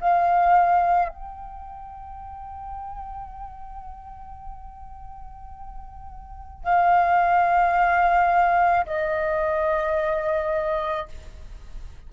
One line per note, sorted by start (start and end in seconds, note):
0.00 1.09 F5
1.09 6.63 G5
6.63 8.85 F5
8.85 11.08 D#5